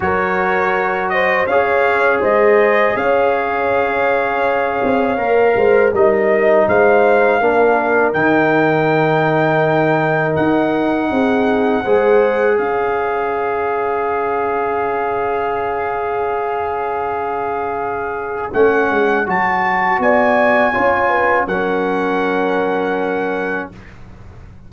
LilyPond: <<
  \new Staff \with { instrumentName = "trumpet" } { \time 4/4 \tempo 4 = 81 cis''4. dis''8 f''4 dis''4 | f''1 | dis''4 f''2 g''4~ | g''2 fis''2~ |
fis''4 f''2.~ | f''1~ | f''4 fis''4 a''4 gis''4~ | gis''4 fis''2. | }
  \new Staff \with { instrumentName = "horn" } { \time 4/4 ais'4. c''8 cis''4 c''4 | cis''2.~ cis''8 c''8 | ais'4 c''4 ais'2~ | ais'2. gis'4 |
c''4 cis''2.~ | cis''1~ | cis''2. d''4 | cis''8 b'8 ais'2. | }
  \new Staff \with { instrumentName = "trombone" } { \time 4/4 fis'2 gis'2~ | gis'2. ais'4 | dis'2 d'4 dis'4~ | dis'1 |
gis'1~ | gis'1~ | gis'4 cis'4 fis'2 | f'4 cis'2. | }
  \new Staff \with { instrumentName = "tuba" } { \time 4/4 fis2 cis'4 gis4 | cis'2~ cis'8 c'8 ais8 gis8 | g4 gis4 ais4 dis4~ | dis2 dis'4 c'4 |
gis4 cis'2.~ | cis'1~ | cis'4 a8 gis8 fis4 b4 | cis'4 fis2. | }
>>